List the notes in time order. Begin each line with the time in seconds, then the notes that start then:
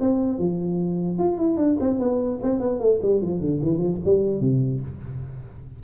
0.00 C4
0.39 F3
1.18 F4
1.38 E4
1.57 D4
1.80 C4
1.99 B3
2.42 C4
2.60 B3
2.80 A3
3.02 G3
3.22 F3
3.40 D3
3.62 E3
3.78 F3
4.05 G3
4.40 C3